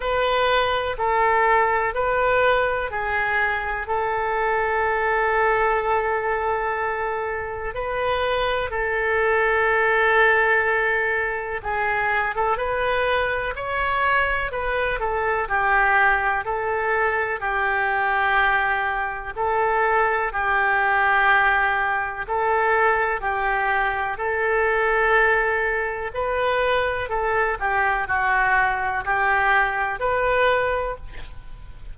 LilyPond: \new Staff \with { instrumentName = "oboe" } { \time 4/4 \tempo 4 = 62 b'4 a'4 b'4 gis'4 | a'1 | b'4 a'2. | gis'8. a'16 b'4 cis''4 b'8 a'8 |
g'4 a'4 g'2 | a'4 g'2 a'4 | g'4 a'2 b'4 | a'8 g'8 fis'4 g'4 b'4 | }